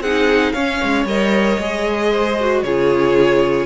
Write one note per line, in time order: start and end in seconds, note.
0.00 0.52 C4
0.00 0.55 D#4
0.00 0.53 G#4
0.00 0.52 F#5
0.52 0.81 C#4
0.52 1.07 C#4
0.52 2.09 C#5
0.52 1.04 F5
0.83 1.05 G#3
1.05 1.57 G3
1.05 1.60 A#4
1.05 2.62 D#5
1.58 2.63 G#3
1.58 2.38 G#4
2.11 2.63 C5
2.40 2.65 F#4
2.62 3.66 C#3
2.62 3.66 F4
2.62 3.66 G#4
2.62 3.66 C#5